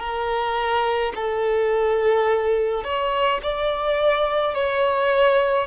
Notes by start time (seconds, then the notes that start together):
0.00 A#4
1.15 A4
2.85 C#5
3.43 D5
4.54 C#5